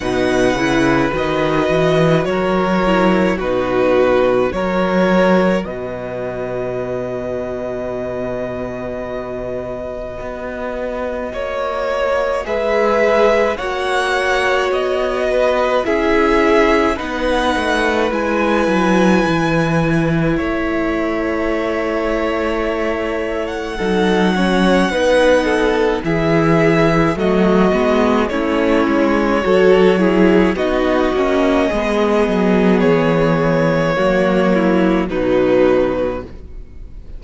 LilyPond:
<<
  \new Staff \with { instrumentName = "violin" } { \time 4/4 \tempo 4 = 53 fis''4 dis''4 cis''4 b'4 | cis''4 dis''2.~ | dis''2. e''4 | fis''4 dis''4 e''4 fis''4 |
gis''2 e''2~ | e''8. fis''2~ fis''16 e''4 | dis''4 cis''2 dis''4~ | dis''4 cis''2 b'4 | }
  \new Staff \with { instrumentName = "violin" } { \time 4/4 b'2 ais'4 fis'4 | ais'4 b'2.~ | b'2 cis''4 b'4 | cis''4. b'8 gis'4 b'4~ |
b'2 cis''2~ | cis''4 a'8 cis''8 b'8 a'8 gis'4 | fis'4 e'4 a'8 gis'8 fis'4 | gis'2 fis'8 e'8 dis'4 | }
  \new Staff \with { instrumentName = "viola" } { \time 4/4 dis'8 e'8 fis'4. e'8 dis'4 | fis'1~ | fis'2. gis'4 | fis'2 e'4 dis'4 |
e'1~ | e'4 dis'8 cis'8 dis'4 e'4 | a8 b8 cis'4 fis'8 e'8 dis'8 cis'8 | b2 ais4 fis4 | }
  \new Staff \with { instrumentName = "cello" } { \time 4/4 b,8 cis8 dis8 e8 fis4 b,4 | fis4 b,2.~ | b,4 b4 ais4 gis4 | ais4 b4 cis'4 b8 a8 |
gis8 fis8 e4 a2~ | a4 fis4 b4 e4 | fis8 gis8 a8 gis8 fis4 b8 ais8 | gis8 fis8 e4 fis4 b,4 | }
>>